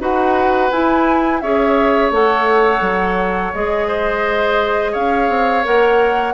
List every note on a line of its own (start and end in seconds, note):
0.00 0.71 D#4
0.00 0.71 F#4
0.00 1.42 B4
0.00 0.71 F#5
0.71 1.43 E4
0.71 1.40 G#5
1.40 2.11 C#4
1.40 2.13 G#4
1.40 3.88 C#5
1.40 2.11 E5
2.11 2.81 A3
2.11 3.54 A4
2.11 3.54 F#5
2.81 3.52 F#3
3.54 4.95 G#3
3.54 5.64 G#4
3.54 4.94 D#5
3.88 4.92 C5
4.92 5.29 C#4
4.92 6.33 C#5
4.92 5.65 F5
5.29 5.64 C4
5.64 6.34 A#3
5.64 6.34 A#4
5.64 6.34 F#5